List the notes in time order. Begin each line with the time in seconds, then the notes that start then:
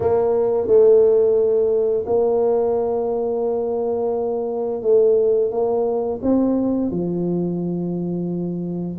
0.00 A#3
0.67 A3
2.06 A#3
4.82 A3
5.50 A#3
6.21 C4
6.90 F3